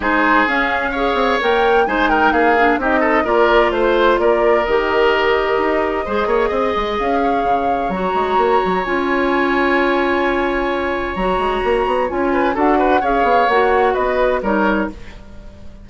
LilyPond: <<
  \new Staff \with { instrumentName = "flute" } { \time 4/4 \tempo 4 = 129 c''4 f''2 g''4 | gis''8 g''8 f''4 dis''4 d''4 | c''4 d''4 dis''2~ | dis''2. f''4~ |
f''4 ais''2 gis''4~ | gis''1 | ais''2 gis''4 fis''4 | f''4 fis''4 dis''4 cis''4 | }
  \new Staff \with { instrumentName = "oboe" } { \time 4/4 gis'2 cis''2 | c''8 ais'8 gis'4 g'8 a'8 ais'4 | c''4 ais'2.~ | ais'4 c''8 cis''8 dis''4. cis''8~ |
cis''1~ | cis''1~ | cis''2~ cis''8 b'8 a'8 b'8 | cis''2 b'4 ais'4 | }
  \new Staff \with { instrumentName = "clarinet" } { \time 4/4 dis'4 cis'4 gis'4 ais'4 | dis'4. d'8 dis'4 f'4~ | f'2 g'2~ | g'4 gis'2.~ |
gis'4 fis'2 f'4~ | f'1 | fis'2 f'4 fis'4 | gis'4 fis'2 dis'4 | }
  \new Staff \with { instrumentName = "bassoon" } { \time 4/4 gis4 cis'4. c'8 ais4 | gis4 ais4 c'4 ais4 | a4 ais4 dis2 | dis'4 gis8 ais8 c'8 gis8 cis'4 |
cis4 fis8 gis8 ais8 fis8 cis'4~ | cis'1 | fis8 gis8 ais8 b8 cis'4 d'4 | cis'8 b8 ais4 b4 g4 | }
>>